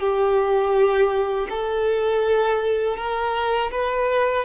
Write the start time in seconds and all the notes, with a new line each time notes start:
0.00 G4
1.50 A4
2.97 A#4
3.72 B4